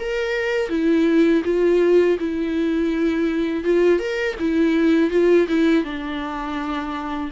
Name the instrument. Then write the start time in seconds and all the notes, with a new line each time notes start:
viola
0.00 A#4
0.70 E4
1.45 F4
2.20 E4
3.64 F4
3.99 A#4
4.40 E4
5.11 F4
5.48 E4
5.85 D4